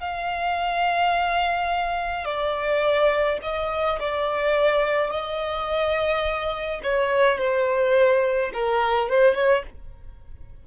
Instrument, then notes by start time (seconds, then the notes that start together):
violin
0.00 F5
2.25 D5
3.42 D#5
3.99 D5
5.10 D#5
6.83 C#5
7.38 C5
8.53 A#4
9.09 C5
9.34 C#5